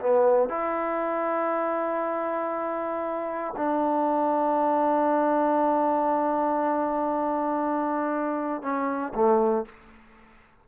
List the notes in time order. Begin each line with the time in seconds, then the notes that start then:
0.00 B3
0.49 E4
3.57 D4
8.62 C#4
9.14 A3